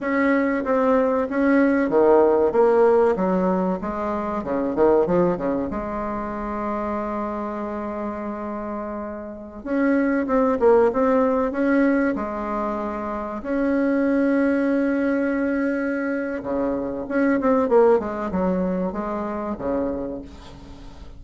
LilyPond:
\new Staff \with { instrumentName = "bassoon" } { \time 4/4 \tempo 4 = 95 cis'4 c'4 cis'4 dis4 | ais4 fis4 gis4 cis8 dis8 | f8 cis8 gis2.~ | gis2.~ gis16 cis'8.~ |
cis'16 c'8 ais8 c'4 cis'4 gis8.~ | gis4~ gis16 cis'2~ cis'8.~ | cis'2 cis4 cis'8 c'8 | ais8 gis8 fis4 gis4 cis4 | }